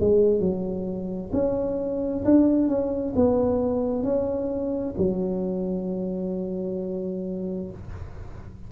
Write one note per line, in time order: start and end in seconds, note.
0.00 0.40 G#3
0.40 1.31 F#3
1.33 2.24 C#4
2.25 2.68 D4
2.68 3.14 C#4
3.16 4.03 B3
4.03 4.94 C#4
4.98 7.70 F#3